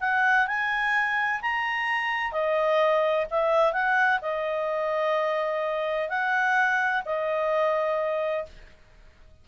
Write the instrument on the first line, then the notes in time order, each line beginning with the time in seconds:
clarinet
0.00 F#5
0.47 G#5
1.41 A#5
2.32 D#5
3.30 E5
3.72 F#5
4.21 D#5
6.09 F#5
7.05 D#5